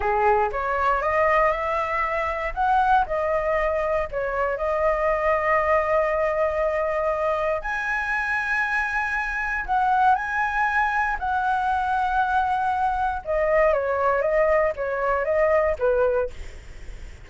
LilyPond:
\new Staff \with { instrumentName = "flute" } { \time 4/4 \tempo 4 = 118 gis'4 cis''4 dis''4 e''4~ | e''4 fis''4 dis''2 | cis''4 dis''2.~ | dis''2. gis''4~ |
gis''2. fis''4 | gis''2 fis''2~ | fis''2 dis''4 cis''4 | dis''4 cis''4 dis''4 b'4 | }